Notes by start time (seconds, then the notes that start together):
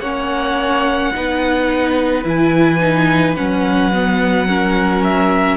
0.00 A#3 C#4 C#5 F#5
1.14 B3 D#4 B4
2.24 E3 E4 G#5
2.80 D#4
3.36 F#3 C#4 F#5
3.93 B3
4.48 C#4 A#4
5.04 E5